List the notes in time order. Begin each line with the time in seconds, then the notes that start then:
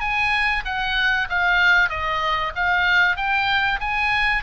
0.00 G#5
0.65 F#5
1.29 F5
1.89 D#5
2.55 F5
3.17 G5
3.80 G#5